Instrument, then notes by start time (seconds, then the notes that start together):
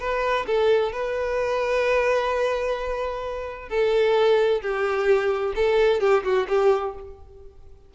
violin
0.00 B4
0.47 A4
0.93 B4
3.70 A4
4.62 G4
5.56 A4
6.01 G4
6.24 F#4
6.49 G4